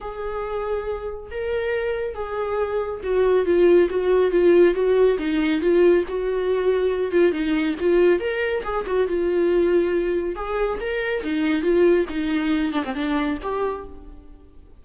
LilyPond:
\new Staff \with { instrumentName = "viola" } { \time 4/4 \tempo 4 = 139 gis'2. ais'4~ | ais'4 gis'2 fis'4 | f'4 fis'4 f'4 fis'4 | dis'4 f'4 fis'2~ |
fis'8 f'8 dis'4 f'4 ais'4 | gis'8 fis'8 f'2. | gis'4 ais'4 dis'4 f'4 | dis'4. d'16 c'16 d'4 g'4 | }